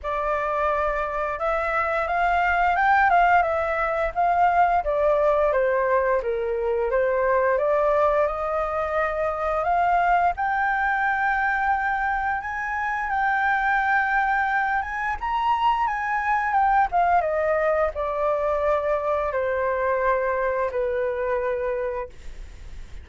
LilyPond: \new Staff \with { instrumentName = "flute" } { \time 4/4 \tempo 4 = 87 d''2 e''4 f''4 | g''8 f''8 e''4 f''4 d''4 | c''4 ais'4 c''4 d''4 | dis''2 f''4 g''4~ |
g''2 gis''4 g''4~ | g''4. gis''8 ais''4 gis''4 | g''8 f''8 dis''4 d''2 | c''2 b'2 | }